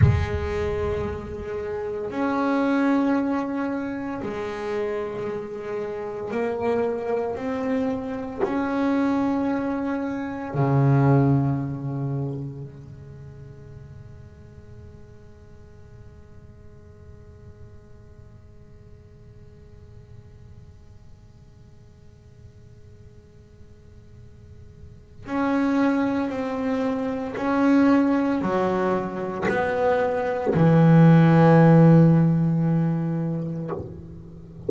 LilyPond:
\new Staff \with { instrumentName = "double bass" } { \time 4/4 \tempo 4 = 57 gis2 cis'2 | gis2 ais4 c'4 | cis'2 cis2 | gis1~ |
gis1~ | gis1 | cis'4 c'4 cis'4 fis4 | b4 e2. | }